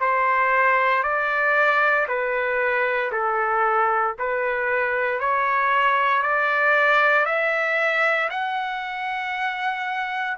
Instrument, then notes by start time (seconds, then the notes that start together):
trumpet
0.00 C5
1.03 D5
2.08 B4
3.11 A4
4.18 B4
5.20 C#5
6.22 D5
7.25 E5
8.29 F#5